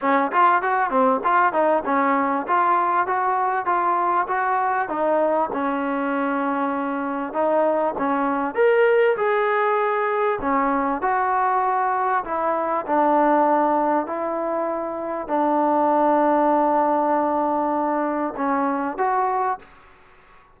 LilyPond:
\new Staff \with { instrumentName = "trombone" } { \time 4/4 \tempo 4 = 98 cis'8 f'8 fis'8 c'8 f'8 dis'8 cis'4 | f'4 fis'4 f'4 fis'4 | dis'4 cis'2. | dis'4 cis'4 ais'4 gis'4~ |
gis'4 cis'4 fis'2 | e'4 d'2 e'4~ | e'4 d'2.~ | d'2 cis'4 fis'4 | }